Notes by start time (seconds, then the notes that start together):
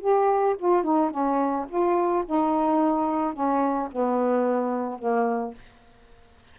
0.00 G4
0.59 F4
0.83 D#4
1.10 C#4
1.69 F4
2.26 D#4
3.33 C#4
3.92 B3
4.98 A#3